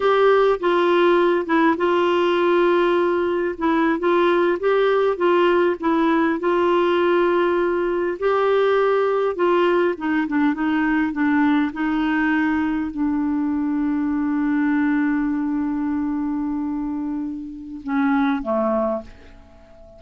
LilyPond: \new Staff \with { instrumentName = "clarinet" } { \time 4/4 \tempo 4 = 101 g'4 f'4. e'8 f'4~ | f'2 e'8. f'4 g'16~ | g'8. f'4 e'4 f'4~ f'16~ | f'4.~ f'16 g'2 f'16~ |
f'8. dis'8 d'8 dis'4 d'4 dis'16~ | dis'4.~ dis'16 d'2~ d'16~ | d'1~ | d'2 cis'4 a4 | }